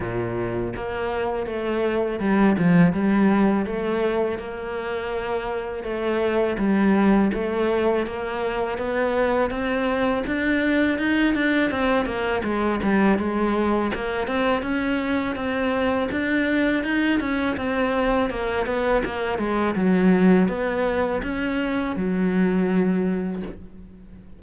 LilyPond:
\new Staff \with { instrumentName = "cello" } { \time 4/4 \tempo 4 = 82 ais,4 ais4 a4 g8 f8 | g4 a4 ais2 | a4 g4 a4 ais4 | b4 c'4 d'4 dis'8 d'8 |
c'8 ais8 gis8 g8 gis4 ais8 c'8 | cis'4 c'4 d'4 dis'8 cis'8 | c'4 ais8 b8 ais8 gis8 fis4 | b4 cis'4 fis2 | }